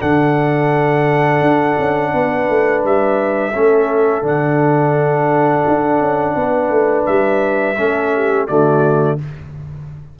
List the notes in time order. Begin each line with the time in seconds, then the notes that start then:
0.00 D3 D4 A4 F#5
1.41 D4
1.79 C#4
2.14 B3 B4
2.49 A3
2.85 G3 E5
3.54 A3 C#4 A4
4.22 D3 D4 F#5
5.68 D4
6.00 C#4
6.36 B3 B4
6.70 A3
7.06 G3 E5
7.78 A3 C#4 A4
8.16 G4
8.48 D3 A3 F#4 D5